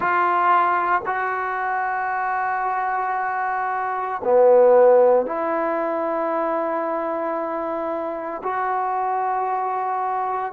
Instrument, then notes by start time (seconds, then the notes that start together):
trombone
0.00 F4
1.05 F#4
4.23 B3
5.26 E4
8.43 F#4